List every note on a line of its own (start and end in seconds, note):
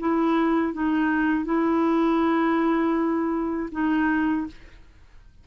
0.00 0.74 E4
0.74 1.45 D#4
1.45 3.70 E4
3.72 4.47 D#4